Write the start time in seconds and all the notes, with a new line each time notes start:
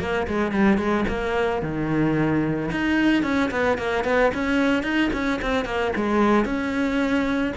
0.00 A#3
0.28 G#3
0.52 G3
0.78 G#3
1.08 A#3
1.62 D#3
2.71 D#4
3.23 C#4
3.51 B3
3.78 A#3
4.04 B3
4.34 C#4
4.83 D#4
5.13 C#4
5.42 C4
5.65 A#3
5.96 G#3
6.45 C#4